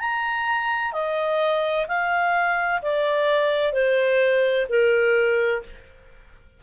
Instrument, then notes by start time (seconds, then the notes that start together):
clarinet
0.00 A#5
0.92 D#5
1.87 F5
2.82 D5
3.73 C5
4.69 A#4